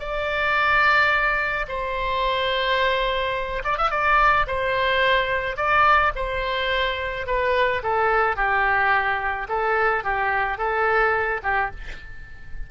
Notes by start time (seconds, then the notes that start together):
0.00 D5
1.68 C5
3.65 D5
3.79 E5
3.91 D5
4.47 C5
5.57 D5
6.16 C5
7.27 B4
7.84 A4
8.37 G4
9.49 A4
10.04 G4
10.58 A4
11.43 G4